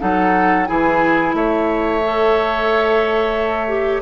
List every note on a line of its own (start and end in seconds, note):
0.00 0.69 F#3
0.00 0.67 D#4
0.00 0.69 A4
0.00 0.66 F#5
0.66 1.34 E3
0.66 2.02 E4
0.66 1.36 G#4
0.66 1.33 G#5
1.34 4.02 A3
1.34 4.02 C#5
1.34 4.02 E5
2.05 3.68 A4
3.68 4.02 G4